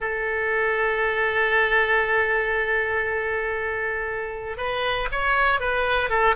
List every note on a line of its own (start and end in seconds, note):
0.00 4.57 A4
4.57 5.08 B4
5.11 5.60 C#5
5.60 6.09 B4
6.09 6.35 A4